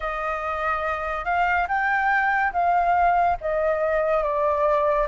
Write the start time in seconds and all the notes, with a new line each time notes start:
0.00 D#5
1.24 F5
1.67 G5
2.52 F5
3.40 D#5
4.23 D5